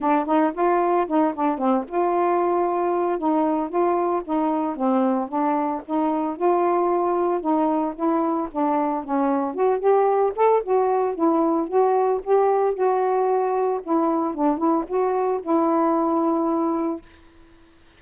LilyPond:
\new Staff \with { instrumentName = "saxophone" } { \time 4/4 \tempo 4 = 113 d'8 dis'8 f'4 dis'8 d'8 c'8 f'8~ | f'2 dis'4 f'4 | dis'4 c'4 d'4 dis'4 | f'2 dis'4 e'4 |
d'4 cis'4 fis'8 g'4 a'8 | fis'4 e'4 fis'4 g'4 | fis'2 e'4 d'8 e'8 | fis'4 e'2. | }